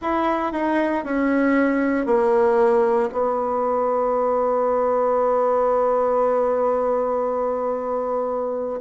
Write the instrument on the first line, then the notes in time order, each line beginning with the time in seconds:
bassoon
0.01 E4
0.52 D#4
1.04 C#4
2.05 A#3
3.11 B3